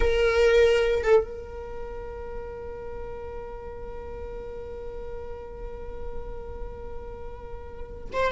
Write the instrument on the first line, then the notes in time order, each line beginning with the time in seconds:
viola
0.00 A#4
1.02 A4
1.23 A#4
8.12 C5